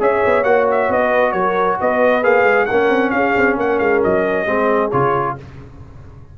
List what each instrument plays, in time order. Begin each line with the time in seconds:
0.00 tuba C#4, trombone G#4, horn C#5, trumpet E5
0.25 tuba B3
0.44 tuba A#3, trombone F#4, trumpet F#5
0.71 trumpet E5
0.89 tuba B3, trumpet D#5
1.00 horn B4
1.33 tuba F#3, horn A#4, trumpet C#5
1.81 tuba B3, horn B4, trumpet D#5
2.23 tuba A#3, trombone G#4, trumpet F5
2.44 tuba G#3
2.66 tuba A#3, trombone C#4, horn A#4, trumpet F#5
2.90 tuba C4
3.10 tuba C#4, horn G#4, trumpet F5
3.37 tuba C4
3.57 tuba A#3, horn A#4, trumpet F#5
3.79 tuba G#3, trumpet F5
4.04 tuba F#3, trumpet D#5
4.46 tuba G#3, trombone C4, horn G#4
4.92 tuba C#3, trombone F4, trumpet C#5